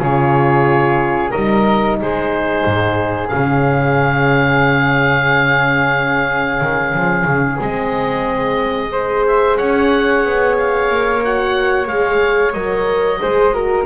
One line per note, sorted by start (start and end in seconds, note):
0.00 1.32 C#3
0.00 1.31 F4
0.00 1.32 G#4
0.00 1.31 C#5
1.31 2.02 G3
1.31 3.29 D#4
1.31 1.98 A#4
1.31 1.97 D#5
2.02 2.66 G#3
2.02 8.92 G#4
2.02 3.29 C5
2.66 3.32 G#2
3.29 6.61 C#3
3.29 7.59 C#4
3.29 7.58 F5
6.61 6.94 D#3
6.95 7.25 F3
7.25 7.58 C#3
7.60 9.59 G#3
7.60 8.92 C4
7.60 9.27 D#5
8.92 11.22 G#4
8.92 9.58 C5
9.28 9.58 E5
9.58 10.25 C#4
9.58 13.20 C#5
9.58 10.57 F#5
10.25 10.90 B3
10.58 11.24 F5
10.90 11.88 A#3
11.25 11.87 F#4
11.25 11.88 F#5
11.87 12.54 G#3
11.87 12.53 G#4
11.87 12.53 F5
12.53 13.20 F#3
12.53 13.20 A#4
12.53 13.85 D#5
13.20 13.86 G#3
13.20 13.52 G#4
13.20 13.54 C5
13.54 13.86 F#4
13.54 13.86 A#4